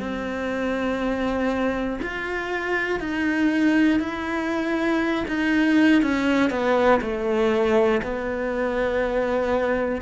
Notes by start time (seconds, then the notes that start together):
0.00 C4
2.03 F4
3.00 D#4
4.00 E4
5.28 D#4
6.02 C#4
6.51 B3
7.02 A3
8.03 B3